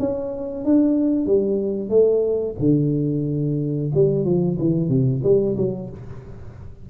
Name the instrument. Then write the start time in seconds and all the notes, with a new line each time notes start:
tuba
0.00 C#4
0.65 D4
1.27 G3
1.90 A3
2.60 D3
3.95 G3
4.25 F3
4.59 E3
4.89 C3
5.24 G3
5.57 F#3